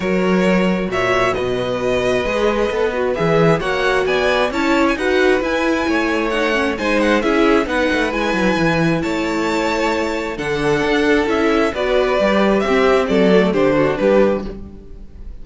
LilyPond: <<
  \new Staff \with { instrumentName = "violin" } { \time 4/4 \tempo 4 = 133 cis''2 e''4 dis''4~ | dis''2. e''4 | fis''4 gis''4 a''8. gis''16 fis''4 | gis''2 fis''4 gis''8 fis''8 |
e''4 fis''4 gis''2 | a''2. fis''4~ | fis''4 e''4 d''2 | e''4 d''4 c''4 b'4 | }
  \new Staff \with { instrumentName = "violin" } { \time 4/4 ais'2 cis''4 b'4~ | b'1 | cis''4 d''4 cis''4 b'4~ | b'4 cis''2 c''4 |
gis'4 b'2. | cis''2. a'4~ | a'2 b'2 | g'4 a'4 g'8 fis'8 g'4 | }
  \new Staff \with { instrumentName = "viola" } { \time 4/4 fis'1~ | fis'4 gis'4 a'8 fis'8 gis'4 | fis'2 e'4 fis'4 | e'2 dis'8 cis'8 dis'4 |
e'4 dis'4 e'2~ | e'2. d'4~ | d'4 e'4 fis'4 g'4 | c'4. a8 d'2 | }
  \new Staff \with { instrumentName = "cello" } { \time 4/4 fis2 ais,4 b,4~ | b,4 gis4 b4 e4 | ais4 b4 cis'4 dis'4 | e'4 a2 gis4 |
cis'4 b8 a8 gis8 fis8 e4 | a2. d4 | d'4 cis'4 b4 g4 | c'4 fis4 d4 g4 | }
>>